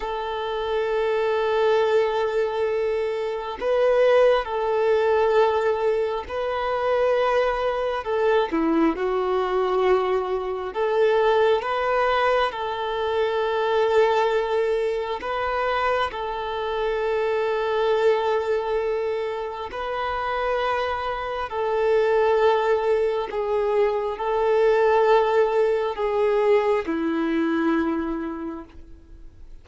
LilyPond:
\new Staff \with { instrumentName = "violin" } { \time 4/4 \tempo 4 = 67 a'1 | b'4 a'2 b'4~ | b'4 a'8 e'8 fis'2 | a'4 b'4 a'2~ |
a'4 b'4 a'2~ | a'2 b'2 | a'2 gis'4 a'4~ | a'4 gis'4 e'2 | }